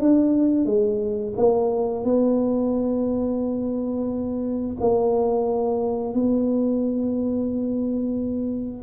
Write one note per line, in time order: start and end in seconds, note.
0.00 0.65 D4
0.65 1.34 G#3
1.37 2.04 A#3
2.04 4.77 B3
4.80 6.14 A#3
6.14 8.83 B3